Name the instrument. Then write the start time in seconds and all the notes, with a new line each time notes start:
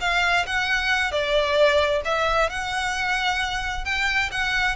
violin
0.00 F5
0.46 F#5
1.11 D5
2.05 E5
2.49 F#5
3.84 G5
4.31 F#5